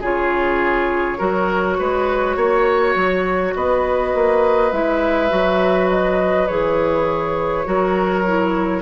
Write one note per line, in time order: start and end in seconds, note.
0.00 1.18 C#3
0.00 1.18 F4
0.00 1.18 G#4
0.00 3.55 C#5
1.18 1.78 F#3
1.18 4.71 F#4
1.18 1.77 A#4
1.78 2.36 G#3
1.78 2.36 B4
2.36 2.95 A#3
2.36 3.54 C#5
2.95 3.54 F#3
3.55 4.14 B3
3.55 7.67 B4
3.55 4.72 D#5
4.14 4.72 A#3
4.72 5.30 G#3
4.72 5.29 E4
4.72 5.89 E5
5.29 6.49 F#3
5.29 6.47 F#4
5.90 6.47 D#5
6.47 7.66 E3
6.47 7.65 G#4
6.47 8.81 C#5
7.65 8.81 F#3
7.65 8.24 F#4
7.65 8.81 A#4
8.26 8.81 E4